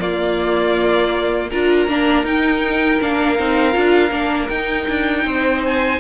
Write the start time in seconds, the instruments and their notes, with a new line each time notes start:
0.00 viola A#3, cello A#3, violin F4 D5
1.50 cello D4, viola F4, violin A#4 A#5
1.88 cello A#3, viola D4
2.24 cello D#4, viola D#4, violin G5
3.01 cello A#3, viola D4, violin F5
3.39 cello C4, viola D#4
3.73 cello D4, viola F4
4.11 cello A#3, viola D4
4.50 cello D#4, viola D#4, violin G5
4.89 cello D4
5.25 cello C4, violin C5
5.65 violin G#5